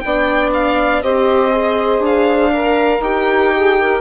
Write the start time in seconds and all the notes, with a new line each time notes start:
0.00 B3 D5 G5
0.06 D4
0.54 F5
1.03 C4 G4 C5 D#5
1.51 G#4
1.99 D4
2.06 F5
2.53 A#4
3.01 D#4 G4 G5
3.56 G#4
3.79 A#4